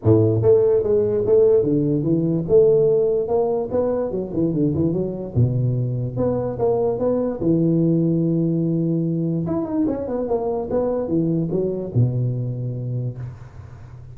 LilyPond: \new Staff \with { instrumentName = "tuba" } { \time 4/4 \tempo 4 = 146 a,4 a4 gis4 a4 | d4 e4 a2 | ais4 b4 fis8 e8 d8 e8 | fis4 b,2 b4 |
ais4 b4 e2~ | e2. e'8 dis'8 | cis'8 b8 ais4 b4 e4 | fis4 b,2. | }